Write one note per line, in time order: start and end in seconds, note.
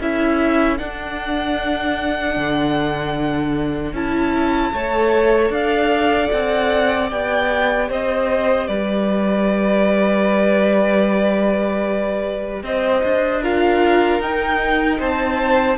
0.00 0.80 C#4
0.00 0.79 E4
0.00 4.74 A4
0.00 0.78 E5
0.78 3.95 D4
0.78 2.37 D4
0.78 3.94 F#5
2.37 3.94 D3
3.94 4.73 C#4
3.94 4.74 E4
3.94 5.53 A5
4.74 5.50 A3
4.74 7.09 A4
4.74 5.52 C#5
5.50 6.29 D4
5.50 7.90 D5
5.50 6.31 F5
6.31 7.12 C4
6.31 7.10 F#5
7.09 7.90 B3
7.09 13.41 G4
7.09 7.90 G5
7.90 8.69 C4
7.90 8.69 C5
7.90 8.68 D#5
8.68 12.63 G3
8.68 12.63 B4
8.68 12.63 D5
12.63 13.03 C4
12.63 13.43 C5
12.63 13.44 D#5
13.04 14.20 D4
13.43 14.22 F4
13.43 14.99 A#4
13.43 14.22 F5
14.20 14.99 D#4
14.20 15.78 D#4
14.20 15.00 G5
14.99 15.78 C4
14.99 15.78 C5
14.99 15.78 A5